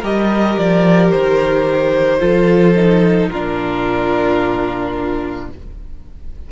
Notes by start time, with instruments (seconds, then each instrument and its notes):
0.00 cello G3, viola G4, violin A#4 D#5
0.58 cello F3, violin D5
1.11 cello D#3, violin C5
2.20 cello F3, viola F4, violin A4
2.76 viola D#4
3.28 cello A#2, viola D4, violin F4 A#4